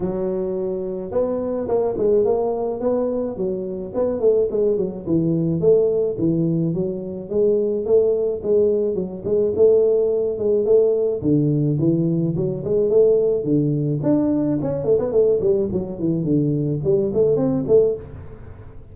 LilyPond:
\new Staff \with { instrumentName = "tuba" } { \time 4/4 \tempo 4 = 107 fis2 b4 ais8 gis8 | ais4 b4 fis4 b8 a8 | gis8 fis8 e4 a4 e4 | fis4 gis4 a4 gis4 |
fis8 gis8 a4. gis8 a4 | d4 e4 fis8 gis8 a4 | d4 d'4 cis'8 a16 b16 a8 g8 | fis8 e8 d4 g8 a8 c'8 a8 | }